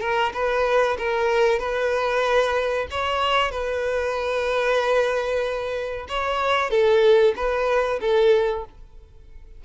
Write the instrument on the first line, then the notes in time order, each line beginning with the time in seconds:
violin
0.00 A#4
0.33 B4
0.98 A#4
1.59 B4
2.90 C#5
3.51 B4
6.08 C#5
6.70 A4
7.35 B4
8.00 A4